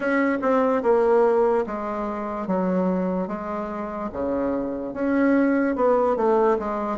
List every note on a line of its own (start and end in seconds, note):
0.00 0.38 C#4
0.41 0.82 C4
0.82 1.64 A#3
1.66 2.47 G#3
2.47 3.27 F#3
3.27 4.09 G#3
4.12 4.93 C#3
4.93 5.75 C#4
5.75 6.16 B3
6.16 6.57 A3
6.58 6.98 G#3